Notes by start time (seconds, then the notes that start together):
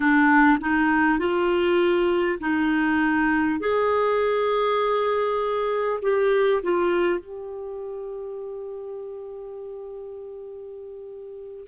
0.00 D4
0.60 D#4
1.18 F4
2.40 D#4
3.59 G#4
6.02 G4
6.62 F4
7.19 G4